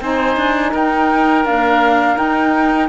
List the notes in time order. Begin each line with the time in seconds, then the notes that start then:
0.00 C4 D#4 C5 G#5
0.37 D4
0.73 D#4 A#4 G5
1.45 A#3 D4 F5
2.14 D#4 G5